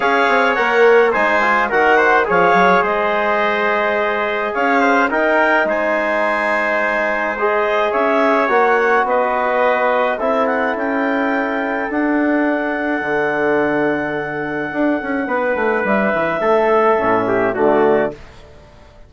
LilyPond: <<
  \new Staff \with { instrumentName = "clarinet" } { \time 4/4 \tempo 4 = 106 f''4 fis''4 gis''4 fis''4 | f''4 dis''2. | f''4 g''4 gis''2~ | gis''4 dis''4 e''4 fis''4 |
dis''2 e''8 fis''8 g''4~ | g''4 fis''2.~ | fis''1 | e''2. d''4 | }
  \new Staff \with { instrumentName = "trumpet" } { \time 4/4 cis''2 c''4 ais'8 c''8 | cis''4 c''2. | cis''8 c''8 ais'4 c''2~ | c''2 cis''2 |
b'2 a'2~ | a'1~ | a'2. b'4~ | b'4 a'4. g'8 fis'4 | }
  \new Staff \with { instrumentName = "trombone" } { \time 4/4 gis'4 ais'4 dis'8 f'8 fis'4 | gis'1~ | gis'4 dis'2.~ | dis'4 gis'2 fis'4~ |
fis'2 e'2~ | e'4 d'2.~ | d'1~ | d'2 cis'4 a4 | }
  \new Staff \with { instrumentName = "bassoon" } { \time 4/4 cis'8 c'8 ais4 gis4 dis4 | f8 fis8 gis2. | cis'4 dis'4 gis2~ | gis2 cis'4 ais4 |
b2 c'4 cis'4~ | cis'4 d'2 d4~ | d2 d'8 cis'8 b8 a8 | g8 e8 a4 a,4 d4 | }
>>